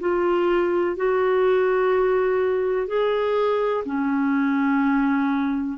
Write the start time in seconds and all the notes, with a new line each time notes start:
0.00 F4
0.97 F#4
2.88 G#4
3.85 C#4